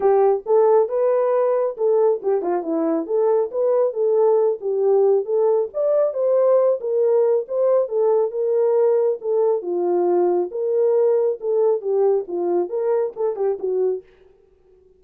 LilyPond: \new Staff \with { instrumentName = "horn" } { \time 4/4 \tempo 4 = 137 g'4 a'4 b'2 | a'4 g'8 f'8 e'4 a'4 | b'4 a'4. g'4. | a'4 d''4 c''4. ais'8~ |
ais'4 c''4 a'4 ais'4~ | ais'4 a'4 f'2 | ais'2 a'4 g'4 | f'4 ais'4 a'8 g'8 fis'4 | }